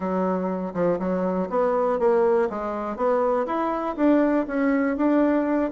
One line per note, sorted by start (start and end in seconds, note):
0.00 0.73 F#3
0.74 0.98 F3
0.99 1.49 F#3
1.49 1.99 B3
1.99 2.48 A#3
2.49 2.96 G#3
2.96 3.46 B3
3.46 3.96 E4
3.96 4.46 D4
4.47 4.96 C#4
4.96 5.71 D4